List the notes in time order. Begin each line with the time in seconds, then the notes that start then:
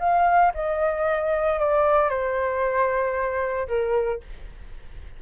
0.00 F5
0.55 D#5
1.60 D5
2.10 C5
3.68 A#4